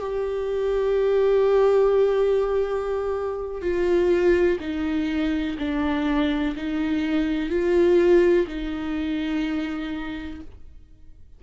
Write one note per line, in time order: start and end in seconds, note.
0.00 3.62 G4
3.62 4.58 F4
4.60 5.57 D#4
5.58 6.55 D4
6.56 7.50 D#4
7.50 8.46 F4
8.47 10.41 D#4